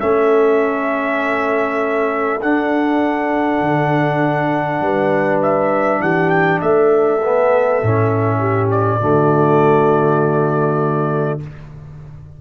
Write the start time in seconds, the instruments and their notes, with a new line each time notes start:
0.00 tuba A3, trombone C#4, horn A4, trumpet E5
2.41 trombone D4, tuba D4, trumpet F#5
3.60 tuba D3
4.80 tuba G3, horn B4
5.42 trumpet E5
6.00 tuba E3, horn G4, trumpet F#5
6.30 trumpet G5
6.61 tuba A3, horn A4, trumpet E5
7.23 trombone B3
7.83 tuba A2, trombone C#4
8.39 horn G4
8.71 trumpet D5
9.00 tuba D3, trombone A3, horn F#4